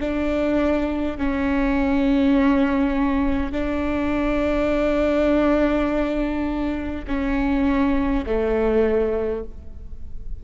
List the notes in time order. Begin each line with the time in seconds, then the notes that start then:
0.00 D4
1.18 C#4
3.52 D4
7.07 C#4
8.26 A3